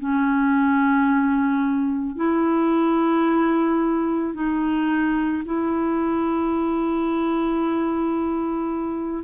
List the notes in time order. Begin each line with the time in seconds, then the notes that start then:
0.00 C#4
2.17 E4
4.35 D#4
5.46 E4